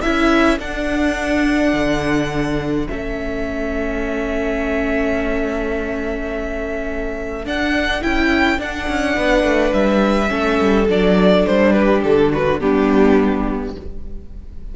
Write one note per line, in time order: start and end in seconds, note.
0.00 0.59 C#4
0.00 0.59 E4
0.00 9.14 A4
0.00 0.58 E5
0.59 1.73 D4
0.59 2.88 D4
0.59 2.88 F#5
1.73 2.87 D3
2.88 7.45 A3
2.88 7.45 C#4
2.88 7.45 E5
7.45 8.02 D4
7.45 8.03 F#5
8.02 8.59 C#4
8.02 8.58 E4
8.02 8.60 G5
8.58 10.28 D4
8.58 8.87 D4
8.58 9.73 F#5
8.88 9.17 C#4
9.16 9.43 B3
9.16 10.29 B4
9.43 9.72 A3
9.73 10.31 G3
9.73 10.87 E5
10.28 10.60 A3
10.28 10.85 C#4
10.28 11.72 A4
10.61 10.89 G3
10.89 11.46 F#3
10.89 12.60 D4
10.89 11.46 D5
11.46 12.04 G3
11.46 11.72 C5
11.72 12.32 G4
11.72 12.01 B4
12.04 12.61 D3
12.04 12.32 A4
12.32 12.60 F#4
12.32 12.60 B4
12.60 13.76 G3
12.60 13.74 B3
12.60 13.75 D4
12.60 13.75 G4